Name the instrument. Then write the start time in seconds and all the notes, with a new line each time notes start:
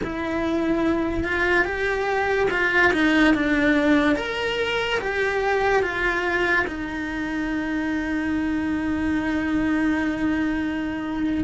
cello
0.03 E4
1.23 F4
1.64 G4
2.50 F4
2.92 D#4
3.34 D4
4.16 A#4
5.00 G4
5.82 F4
6.67 D#4